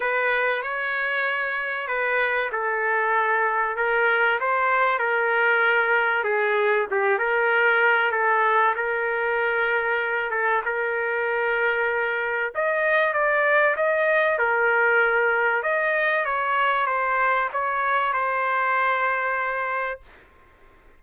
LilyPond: \new Staff \with { instrumentName = "trumpet" } { \time 4/4 \tempo 4 = 96 b'4 cis''2 b'4 | a'2 ais'4 c''4 | ais'2 gis'4 g'8 ais'8~ | ais'4 a'4 ais'2~ |
ais'8 a'8 ais'2. | dis''4 d''4 dis''4 ais'4~ | ais'4 dis''4 cis''4 c''4 | cis''4 c''2. | }